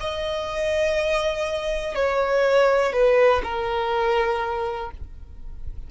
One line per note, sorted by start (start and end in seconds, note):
0.00 1.95 D#5
1.95 2.93 C#5
2.93 3.42 B4
3.43 4.91 A#4